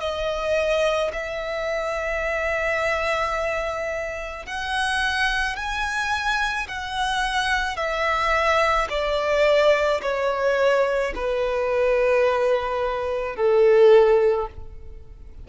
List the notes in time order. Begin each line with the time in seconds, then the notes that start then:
0.00 D#5
1.13 E5
4.46 F#5
5.56 G#5
6.68 F#5
7.76 E5
8.90 D5
10.02 C#5
11.15 B4
13.36 A4